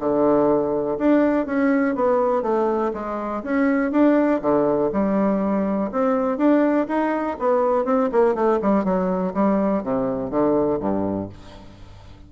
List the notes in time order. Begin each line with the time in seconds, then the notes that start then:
0.00 D3
0.99 D4
1.46 C#4
1.96 B3
2.43 A3
2.94 G#3
3.44 C#4
3.92 D4
4.42 D3
4.92 G3
5.92 C4
6.38 D4
6.88 D#4
7.40 B3
7.85 C4
8.12 A#3
8.35 A3
8.62 G3
8.85 F#3
9.34 G3
9.84 C3
10.31 D3
10.80 G2